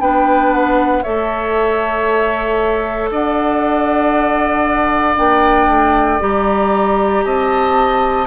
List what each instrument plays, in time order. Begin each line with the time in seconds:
0.00 bassoon B3, clarinet D4, oboe B4, flute G5
0.53 flute F#5
1.03 bassoon A3, clarinet A4, oboe C#5, flute E5
3.11 bassoon D4, oboe D5, flute F#5
5.17 bassoon A#3, clarinet D4, flute G5
5.68 bassoon A3
6.20 bassoon G3, clarinet G4, flute A#5
7.25 bassoon C4, oboe D#5, flute A5